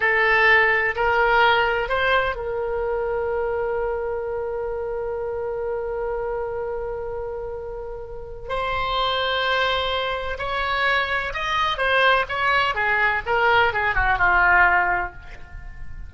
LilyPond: \new Staff \with { instrumentName = "oboe" } { \time 4/4 \tempo 4 = 127 a'2 ais'2 | c''4 ais'2.~ | ais'1~ | ais'1~ |
ais'2 c''2~ | c''2 cis''2 | dis''4 c''4 cis''4 gis'4 | ais'4 gis'8 fis'8 f'2 | }